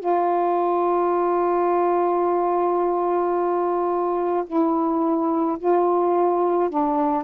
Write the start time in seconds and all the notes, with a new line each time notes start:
0.00 F4
4.47 E4
5.59 F4
6.70 D4